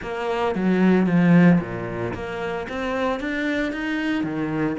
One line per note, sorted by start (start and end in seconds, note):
0.01 0.55 A#3
0.55 1.06 F#3
1.06 1.59 F3
1.60 2.13 A#2
2.14 2.67 A#3
2.68 3.20 C4
3.20 3.72 D4
3.72 4.23 D#4
4.23 4.76 D#3